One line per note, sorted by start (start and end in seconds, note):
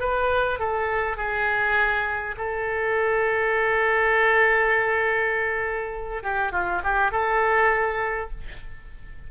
0.00 0.59 B4
0.59 1.17 A4
1.17 2.36 G#4
2.37 6.23 A4
6.23 6.52 G4
6.52 6.82 F4
6.84 7.12 G4
7.12 8.31 A4